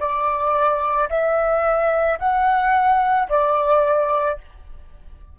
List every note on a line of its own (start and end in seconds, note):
0.00 1.09 D5
1.10 2.19 E5
2.20 3.29 F#5
3.29 4.38 D5